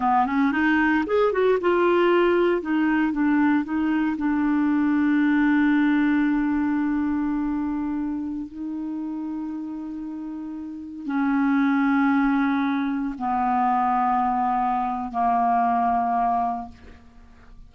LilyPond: \new Staff \with { instrumentName = "clarinet" } { \time 4/4 \tempo 4 = 115 b8 cis'8 dis'4 gis'8 fis'8 f'4~ | f'4 dis'4 d'4 dis'4 | d'1~ | d'1~ |
d'16 dis'2.~ dis'8.~ | dis'4~ dis'16 cis'2~ cis'8.~ | cis'4~ cis'16 b2~ b8.~ | b4 ais2. | }